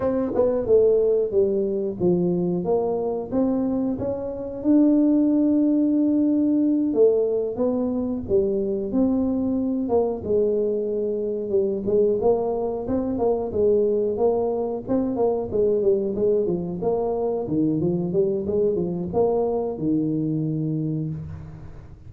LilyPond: \new Staff \with { instrumentName = "tuba" } { \time 4/4 \tempo 4 = 91 c'8 b8 a4 g4 f4 | ais4 c'4 cis'4 d'4~ | d'2~ d'8 a4 b8~ | b8 g4 c'4. ais8 gis8~ |
gis4. g8 gis8 ais4 c'8 | ais8 gis4 ais4 c'8 ais8 gis8 | g8 gis8 f8 ais4 dis8 f8 g8 | gis8 f8 ais4 dis2 | }